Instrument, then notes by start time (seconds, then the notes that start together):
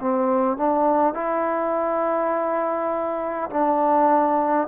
trombone
0.00 C4
0.58 D4
1.14 E4
3.50 D4